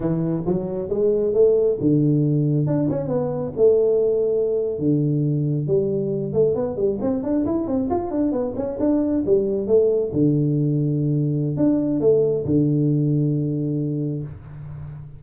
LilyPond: \new Staff \with { instrumentName = "tuba" } { \time 4/4 \tempo 4 = 135 e4 fis4 gis4 a4 | d2 d'8 cis'8 b4 | a2~ a8. d4~ d16~ | d8. g4. a8 b8 g8 c'16~ |
c'16 d'8 e'8 c'8 f'8 d'8 b8 cis'8 d'16~ | d'8. g4 a4 d4~ d16~ | d2 d'4 a4 | d1 | }